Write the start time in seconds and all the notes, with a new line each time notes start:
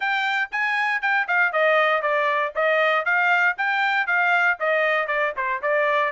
0.00 G5
0.51 G#5
1.01 G5
1.27 F5
1.52 D#5
2.02 D5
2.55 D#5
3.05 F5
3.57 G5
4.06 F5
4.59 D#5
5.07 D5
5.36 C5
5.61 D5